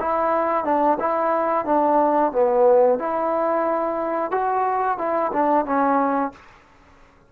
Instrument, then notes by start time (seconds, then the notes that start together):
trombone
0.00 E4
0.65 D4
1.00 E4
1.65 D4
2.32 B3
2.99 E4
4.31 F#4
4.98 E4
5.33 D4
5.65 C#4